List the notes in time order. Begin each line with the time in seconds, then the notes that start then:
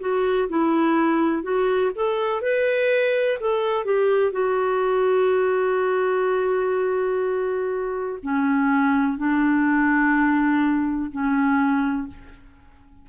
0.00 F#4
0.49 E4
1.43 F#4
1.95 A4
2.41 B4
3.40 A4
3.85 G4
4.32 F#4
8.23 C#4
9.18 D4
11.12 C#4